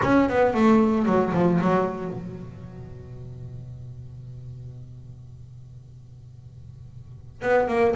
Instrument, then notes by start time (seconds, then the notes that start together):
double bass
0.02 C#4
0.29 B3
0.54 A3
1.05 F#3
1.33 F3
1.60 F#3
2.11 B2
7.42 B3
7.68 A#3